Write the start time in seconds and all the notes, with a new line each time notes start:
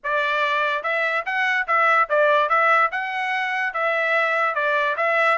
0.03 D5
0.83 E5
1.25 F#5
1.67 E5
2.09 D5
2.49 E5
2.91 F#5
3.73 E5
4.54 D5
4.97 E5